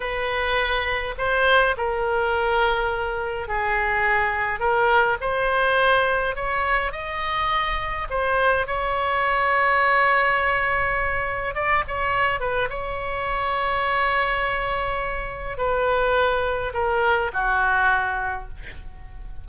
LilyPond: \new Staff \with { instrumentName = "oboe" } { \time 4/4 \tempo 4 = 104 b'2 c''4 ais'4~ | ais'2 gis'2 | ais'4 c''2 cis''4 | dis''2 c''4 cis''4~ |
cis''1 | d''8 cis''4 b'8 cis''2~ | cis''2. b'4~ | b'4 ais'4 fis'2 | }